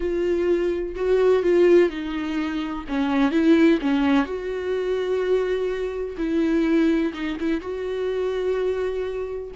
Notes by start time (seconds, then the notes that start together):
0.00 F4
0.95 F#4
1.42 F4
1.89 D#4
2.88 C#4
3.31 E4
3.81 C#4
4.25 F#4
6.17 E4
7.13 D#4
7.40 E4
7.60 F#4